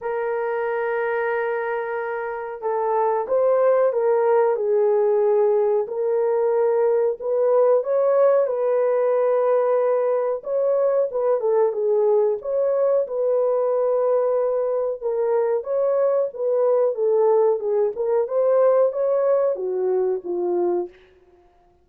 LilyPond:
\new Staff \with { instrumentName = "horn" } { \time 4/4 \tempo 4 = 92 ais'1 | a'4 c''4 ais'4 gis'4~ | gis'4 ais'2 b'4 | cis''4 b'2. |
cis''4 b'8 a'8 gis'4 cis''4 | b'2. ais'4 | cis''4 b'4 a'4 gis'8 ais'8 | c''4 cis''4 fis'4 f'4 | }